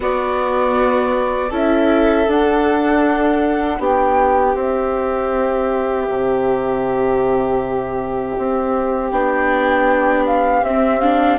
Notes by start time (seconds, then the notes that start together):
0.00 B3 F#4 D5
1.49 C#4 E4 A4 E5
2.27 D4 F#5
3.79 B3 G4 G5
4.55 C4 E5
6.09 C3
8.37 C4
9.11 B3 D4 G5
10.26 F5
10.62 C4 E5
11.00 D4 F5